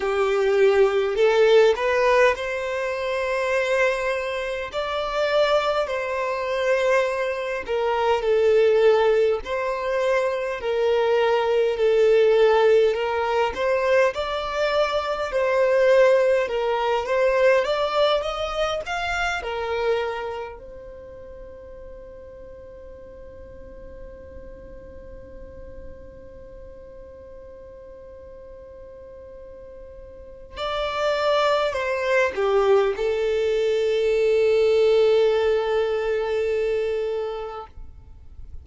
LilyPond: \new Staff \with { instrumentName = "violin" } { \time 4/4 \tempo 4 = 51 g'4 a'8 b'8 c''2 | d''4 c''4. ais'8 a'4 | c''4 ais'4 a'4 ais'8 c''8 | d''4 c''4 ais'8 c''8 d''8 dis''8 |
f''8 ais'4 c''2~ c''8~ | c''1~ | c''2 d''4 c''8 g'8 | a'1 | }